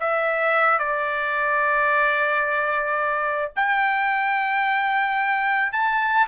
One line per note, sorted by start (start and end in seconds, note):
0.00 0.79 E5
0.79 3.52 D5
3.56 5.73 G5
5.73 6.27 A5